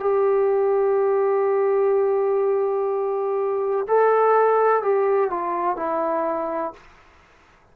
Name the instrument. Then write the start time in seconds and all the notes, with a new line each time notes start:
trombone
0.00 G4
3.88 A4
4.83 G4
5.30 F4
5.76 E4